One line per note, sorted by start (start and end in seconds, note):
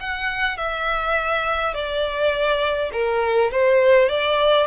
0.00 0.57 F#5
0.57 1.74 E5
1.74 2.91 D5
2.93 3.51 A#4
3.51 4.09 C5
4.09 4.67 D5